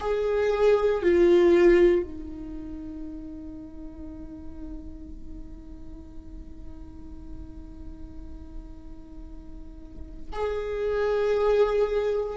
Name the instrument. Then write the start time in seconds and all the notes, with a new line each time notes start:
viola
0.00 G#4
1.02 F4
2.02 D#4
10.32 G#4